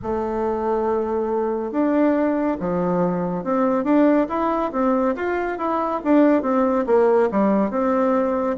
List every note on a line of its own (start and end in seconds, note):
0.02 1.71 A3
1.71 2.57 D4
2.59 3.44 F3
3.44 3.84 C4
3.84 4.26 D4
4.29 4.71 E4
4.71 5.14 C4
5.15 5.58 F4
5.58 6.00 E4
6.04 6.42 D4
6.42 6.85 C4
6.86 7.29 A#3
7.31 7.70 G3
7.70 8.56 C4